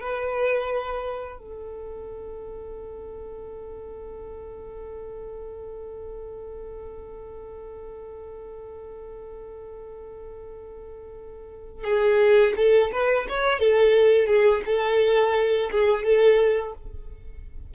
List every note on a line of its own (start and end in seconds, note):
0.00 1.38 B4
1.38 11.84 A4
11.84 12.53 G#4
12.56 12.91 A4
12.92 13.27 B4
13.28 13.60 C#5
13.60 14.27 A4
14.27 14.62 G#4
14.65 15.70 A4
15.71 16.04 G#4
16.04 16.73 A4